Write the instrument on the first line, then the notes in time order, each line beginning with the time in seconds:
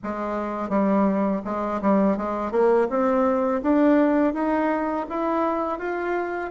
bassoon
0.03 G#3
0.69 G3
1.45 G#3
1.81 G3
2.17 G#3
2.51 A#3
2.89 C4
3.62 D4
4.33 D#4
5.09 E4
5.78 F4